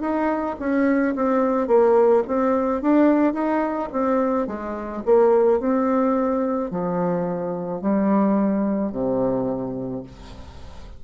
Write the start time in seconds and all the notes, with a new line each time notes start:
0.00 D#4
0.59 C#4
1.15 C4
1.67 A#3
2.27 C4
2.81 D4
3.33 D#4
3.91 C4
4.47 G#3
5.05 A#3
5.59 C4
6.70 F3
7.81 G3
8.91 C3